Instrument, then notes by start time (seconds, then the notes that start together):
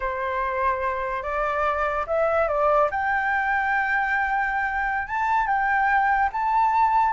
flute
0.00 C5
1.22 D5
2.07 E5
2.48 D5
2.90 G5
5.07 A5
5.46 G5
6.32 A5